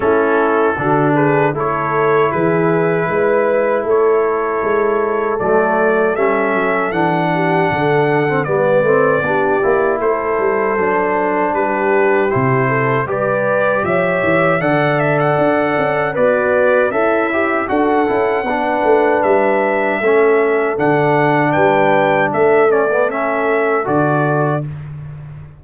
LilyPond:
<<
  \new Staff \with { instrumentName = "trumpet" } { \time 4/4 \tempo 4 = 78 a'4. b'8 cis''4 b'4~ | b'4 cis''2 d''4 | e''4 fis''2 d''4~ | d''4 c''2 b'4 |
c''4 d''4 e''4 fis''8 e''16 fis''16~ | fis''4 d''4 e''4 fis''4~ | fis''4 e''2 fis''4 | g''4 e''8 d''8 e''4 d''4 | }
  \new Staff \with { instrumentName = "horn" } { \time 4/4 e'4 fis'8 gis'8 a'4 gis'4 | b'4 a'2.~ | a'4. g'8 a'4 b'4 | g'4 a'2 g'4~ |
g'8 a'8 b'4 cis''4 d''4~ | d''4 fis'4 e'4 a'4 | b'2 a'2 | b'4 a'2. | }
  \new Staff \with { instrumentName = "trombone" } { \time 4/4 cis'4 d'4 e'2~ | e'2. a4 | cis'4 d'4.~ d'16 c'16 b8 c'8 | d'8 e'4. d'2 |
e'4 g'2 a'4~ | a'4 b'4 a'8 g'8 fis'8 e'8 | d'2 cis'4 d'4~ | d'4. cis'16 b16 cis'4 fis'4 | }
  \new Staff \with { instrumentName = "tuba" } { \time 4/4 a4 d4 a4 e4 | gis4 a4 gis4 fis4 | g8 fis8 e4 d4 g8 a8 | b8 ais8 a8 g8 fis4 g4 |
c4 g4 f8 e8 d4 | d'8 cis'8 b4 cis'4 d'8 cis'8 | b8 a8 g4 a4 d4 | g4 a2 d4 | }
>>